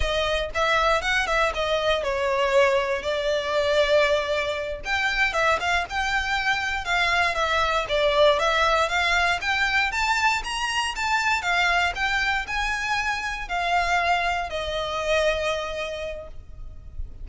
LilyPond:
\new Staff \with { instrumentName = "violin" } { \time 4/4 \tempo 4 = 118 dis''4 e''4 fis''8 e''8 dis''4 | cis''2 d''2~ | d''4. g''4 e''8 f''8 g''8~ | g''4. f''4 e''4 d''8~ |
d''8 e''4 f''4 g''4 a''8~ | a''8 ais''4 a''4 f''4 g''8~ | g''8 gis''2 f''4.~ | f''8 dis''2.~ dis''8 | }